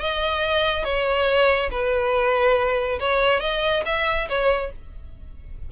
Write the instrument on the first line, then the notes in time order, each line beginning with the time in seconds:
violin
0.00 D#5
0.84 C#5
1.71 B4
3.00 C#5
3.40 D#5
3.86 E5
4.29 C#5